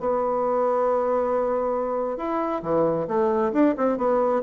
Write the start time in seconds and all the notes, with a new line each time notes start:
0.00 B3
2.17 E4
2.62 E3
3.07 A3
3.53 D4
3.77 C4
3.98 B3